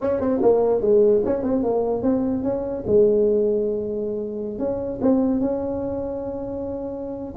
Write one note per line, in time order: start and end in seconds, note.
0.01 0.20 C#4
0.20 0.41 C4
0.42 0.81 A#3
0.81 1.22 G#3
1.25 1.42 C#4
1.42 1.63 C4
1.63 2.02 A#3
2.02 2.43 C4
2.43 2.83 C#4
2.86 4.58 G#3
4.58 4.99 C#4
5.01 5.40 C4
5.40 7.34 C#4